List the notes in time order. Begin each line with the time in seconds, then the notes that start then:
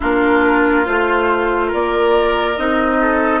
0.00 A#3 D4 F4 A#4
0.85 A3 F4 C5
1.67 A#4
1.73 A#3 D5
2.57 C4 D#4 D#5
3.01 A4